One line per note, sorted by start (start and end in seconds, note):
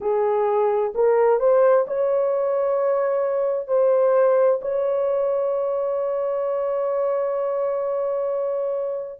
0.00 0.93 G#4
0.94 1.39 A#4
1.39 1.85 C5
1.87 3.67 C#5
3.67 4.59 C5
4.61 9.20 C#5